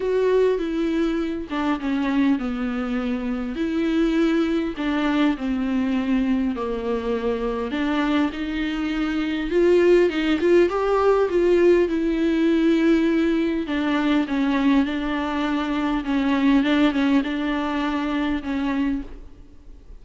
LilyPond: \new Staff \with { instrumentName = "viola" } { \time 4/4 \tempo 4 = 101 fis'4 e'4. d'8 cis'4 | b2 e'2 | d'4 c'2 ais4~ | ais4 d'4 dis'2 |
f'4 dis'8 f'8 g'4 f'4 | e'2. d'4 | cis'4 d'2 cis'4 | d'8 cis'8 d'2 cis'4 | }